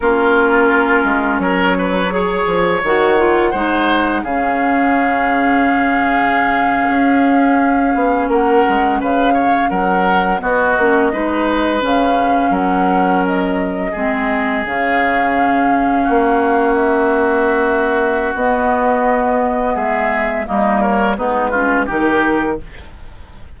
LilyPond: <<
  \new Staff \with { instrumentName = "flute" } { \time 4/4 \tempo 4 = 85 ais'2 cis''2 | fis''2 f''2~ | f''2.~ f''8. fis''16~ | fis''8. f''4 fis''4 dis''4~ dis''16~ |
dis''8. f''4 fis''4 dis''4~ dis''16~ | dis''8. f''2. e''16~ | e''2 dis''2 | e''4 dis''8 cis''8 b'4 ais'4 | }
  \new Staff \with { instrumentName = "oboe" } { \time 4/4 f'2 ais'8 b'8 cis''4~ | cis''4 c''4 gis'2~ | gis'2.~ gis'8. ais'16~ | ais'8. b'8 cis''8 ais'4 fis'4 b'16~ |
b'4.~ b'16 ais'2 gis'16~ | gis'2~ gis'8. fis'4~ fis'16~ | fis'1 | gis'4 dis'8 ais'8 dis'8 f'8 g'4 | }
  \new Staff \with { instrumentName = "clarinet" } { \time 4/4 cis'2. gis'4 | fis'8 f'8 dis'4 cis'2~ | cis'1~ | cis'2~ cis'8. b8 cis'8 dis'16~ |
dis'8. cis'2. c'16~ | c'8. cis'2.~ cis'16~ | cis'2 b2~ | b4 ais4 b8 cis'8 dis'4 | }
  \new Staff \with { instrumentName = "bassoon" } { \time 4/4 ais4. gis8 fis4. f8 | dis4 gis4 cis2~ | cis4.~ cis16 cis'4. b8 ais16~ | ais16 gis8 cis4 fis4 b8 ais8 gis16~ |
gis8. cis4 fis2 gis16~ | gis8. cis2 ais4~ ais16~ | ais2 b2 | gis4 g4 gis4 dis4 | }
>>